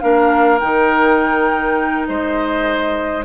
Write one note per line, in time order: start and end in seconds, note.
0.00 0.61 A#3
0.00 0.59 D4
0.00 2.08 A#4
0.00 0.59 F5
0.59 2.08 D#3
0.59 3.25 D#4
0.59 2.06 G5
2.07 3.25 G#3
2.07 3.25 C5
2.07 3.24 D#5